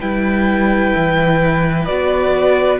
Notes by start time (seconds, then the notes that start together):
0.00 G3 E4 B4 G5
0.96 E3
1.85 B3 F#4 D5